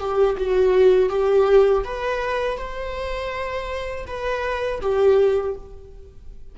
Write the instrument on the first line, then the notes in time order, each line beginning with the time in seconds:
viola
0.00 G4
0.38 F#4
1.10 G4
1.85 B4
2.58 C5
4.07 B4
4.81 G4